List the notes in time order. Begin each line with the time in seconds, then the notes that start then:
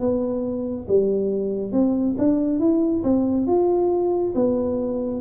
0.00 B3
0.89 G3
1.72 C4
2.18 D4
2.60 E4
3.04 C4
3.47 F4
4.35 B3